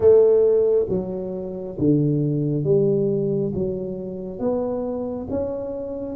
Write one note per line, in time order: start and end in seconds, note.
0.00 0.86 A3
0.88 1.76 F#3
1.78 2.64 D3
2.64 3.52 G3
3.54 4.39 F#3
4.39 5.27 B3
5.29 6.15 C#4